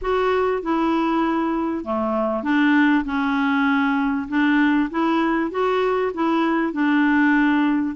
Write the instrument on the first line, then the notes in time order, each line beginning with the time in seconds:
clarinet
0.01 F#4
0.62 E4
1.84 A3
2.43 D4
3.04 C#4
4.28 D4
4.90 E4
5.50 F#4
6.14 E4
6.73 D4